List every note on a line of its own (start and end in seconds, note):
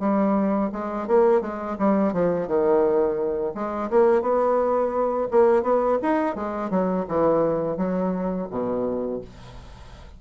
0.00 0.71 G3
0.72 1.07 G#3
1.07 1.41 A#3
1.41 1.76 G#3
1.79 2.13 G3
2.13 2.48 F3
2.48 3.54 D#3
3.55 3.90 G#3
3.90 4.22 A#3
4.22 5.28 B3
5.31 5.63 A#3
5.63 5.98 B3
6.02 6.35 D#4
6.35 6.70 G#3
6.70 7.06 F#3
7.08 7.77 E3
7.77 8.48 F#3
8.50 9.21 B2